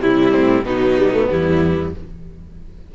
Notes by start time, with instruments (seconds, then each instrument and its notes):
0.00 cello C3, viola G3, violin E4
0.31 cello A2, violin C4
0.63 cello B2, viola F#3, violin B3 D#4
0.97 viola G3
1.11 viola A3
1.29 cello E2, viola G3, violin E4